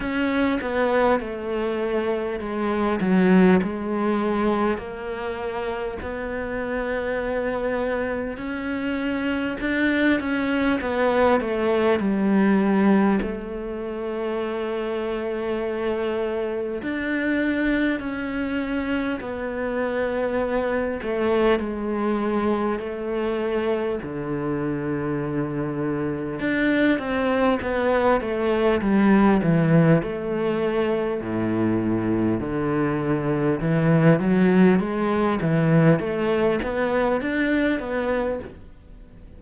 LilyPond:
\new Staff \with { instrumentName = "cello" } { \time 4/4 \tempo 4 = 50 cis'8 b8 a4 gis8 fis8 gis4 | ais4 b2 cis'4 | d'8 cis'8 b8 a8 g4 a4~ | a2 d'4 cis'4 |
b4. a8 gis4 a4 | d2 d'8 c'8 b8 a8 | g8 e8 a4 a,4 d4 | e8 fis8 gis8 e8 a8 b8 d'8 b8 | }